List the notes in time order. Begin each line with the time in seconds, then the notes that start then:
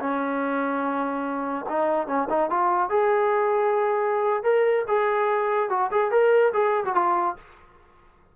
0.00 C#4
1.69 D#4
2.07 C#4
2.30 D#4
2.50 F4
2.90 G#4
4.43 A#4
4.88 G#4
5.70 F#4
5.91 G#4
6.11 A#4
6.53 G#4
6.85 F#4
6.95 F4